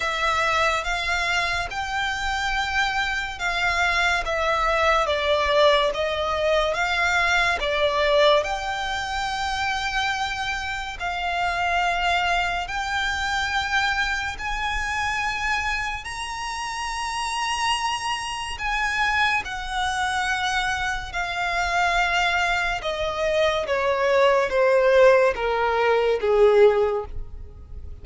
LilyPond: \new Staff \with { instrumentName = "violin" } { \time 4/4 \tempo 4 = 71 e''4 f''4 g''2 | f''4 e''4 d''4 dis''4 | f''4 d''4 g''2~ | g''4 f''2 g''4~ |
g''4 gis''2 ais''4~ | ais''2 gis''4 fis''4~ | fis''4 f''2 dis''4 | cis''4 c''4 ais'4 gis'4 | }